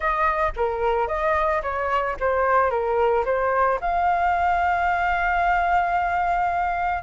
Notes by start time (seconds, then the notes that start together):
0.00 D#5
0.56 A#4
1.07 D#5
1.62 C#5
2.20 C5
2.70 A#4
3.25 C5
3.81 F5